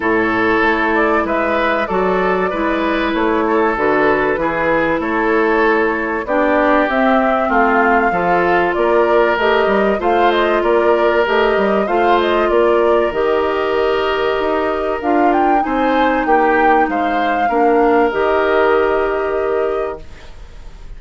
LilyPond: <<
  \new Staff \with { instrumentName = "flute" } { \time 4/4 \tempo 4 = 96 cis''4. d''8 e''4 d''4~ | d''4 cis''4 b'2 | cis''2 d''4 e''4 | f''2 d''4 dis''4 |
f''8 dis''8 d''4 dis''4 f''8 dis''8 | d''4 dis''2. | f''8 g''8 gis''4 g''4 f''4~ | f''4 dis''2. | }
  \new Staff \with { instrumentName = "oboe" } { \time 4/4 a'2 b'4 a'4 | b'4. a'4. gis'4 | a'2 g'2 | f'4 a'4 ais'2 |
c''4 ais'2 c''4 | ais'1~ | ais'4 c''4 g'4 c''4 | ais'1 | }
  \new Staff \with { instrumentName = "clarinet" } { \time 4/4 e'2. fis'4 | e'2 fis'4 e'4~ | e'2 d'4 c'4~ | c'4 f'2 g'4 |
f'2 g'4 f'4~ | f'4 g'2. | f'4 dis'2. | d'4 g'2. | }
  \new Staff \with { instrumentName = "bassoon" } { \time 4/4 a,4 a4 gis4 fis4 | gis4 a4 d4 e4 | a2 b4 c'4 | a4 f4 ais4 a8 g8 |
a4 ais4 a8 g8 a4 | ais4 dis2 dis'4 | d'4 c'4 ais4 gis4 | ais4 dis2. | }
>>